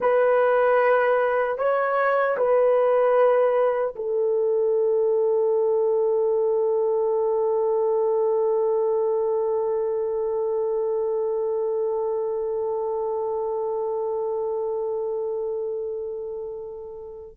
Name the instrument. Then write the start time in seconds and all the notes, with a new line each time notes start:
horn
0.00 B4
1.58 C#5
2.37 B4
3.95 A4